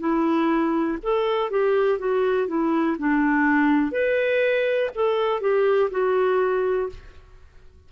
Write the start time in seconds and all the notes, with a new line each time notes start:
0.00 E4
1.03 A4
1.51 G4
1.99 F#4
2.48 E4
2.99 D4
3.92 B4
4.95 A4
5.41 G4
5.92 F#4